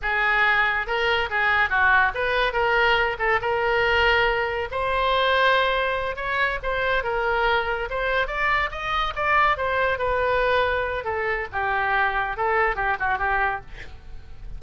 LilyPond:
\new Staff \with { instrumentName = "oboe" } { \time 4/4 \tempo 4 = 141 gis'2 ais'4 gis'4 | fis'4 b'4 ais'4. a'8 | ais'2. c''4~ | c''2~ c''8 cis''4 c''8~ |
c''8 ais'2 c''4 d''8~ | d''8 dis''4 d''4 c''4 b'8~ | b'2 a'4 g'4~ | g'4 a'4 g'8 fis'8 g'4 | }